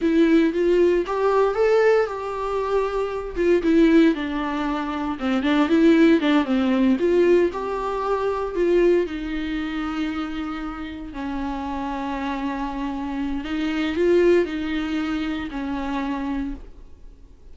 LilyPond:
\new Staff \with { instrumentName = "viola" } { \time 4/4 \tempo 4 = 116 e'4 f'4 g'4 a'4 | g'2~ g'8 f'8 e'4 | d'2 c'8 d'8 e'4 | d'8 c'4 f'4 g'4.~ |
g'8 f'4 dis'2~ dis'8~ | dis'4. cis'2~ cis'8~ | cis'2 dis'4 f'4 | dis'2 cis'2 | }